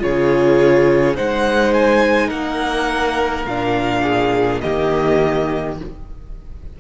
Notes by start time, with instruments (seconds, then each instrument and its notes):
0.00 cello C#3, viola F4, violin G#4 C#5
1.15 cello G#3, viola D#4, violin C5 F#5
1.74 violin G#5
2.28 cello A#3, violin A#4 F#5
3.46 cello A#2, viola D4, violin F5
4.03 violin G#4
4.61 cello D#3, viola A#3, violin G4 D#5